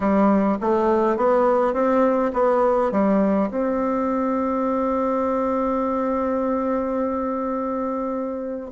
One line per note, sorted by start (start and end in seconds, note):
0.00 0.58 G3
0.60 1.16 A3
1.16 1.73 B3
1.73 2.31 C4
2.33 2.91 B3
2.91 3.50 G3
3.50 8.71 C4